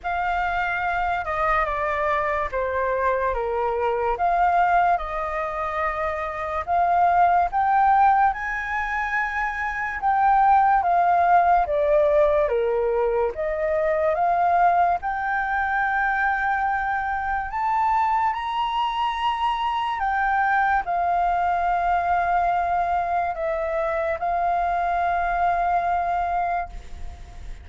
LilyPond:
\new Staff \with { instrumentName = "flute" } { \time 4/4 \tempo 4 = 72 f''4. dis''8 d''4 c''4 | ais'4 f''4 dis''2 | f''4 g''4 gis''2 | g''4 f''4 d''4 ais'4 |
dis''4 f''4 g''2~ | g''4 a''4 ais''2 | g''4 f''2. | e''4 f''2. | }